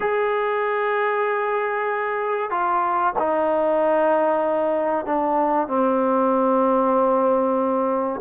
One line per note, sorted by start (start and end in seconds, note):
0.00 2.50 G#4
2.50 3.13 F4
3.18 5.05 D#4
5.05 5.67 D4
5.67 8.20 C4